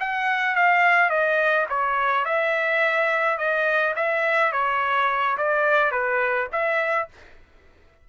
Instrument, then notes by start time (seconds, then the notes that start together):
trumpet
0.00 F#5
0.56 F5
1.10 D#5
1.69 C#5
2.25 E5
3.38 D#5
3.96 E5
4.52 C#5
5.37 D5
5.92 B4
6.52 E5